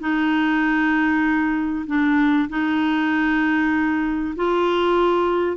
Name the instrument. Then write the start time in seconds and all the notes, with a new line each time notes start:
clarinet
0.00 D#4
1.87 D4
2.49 D#4
4.36 F4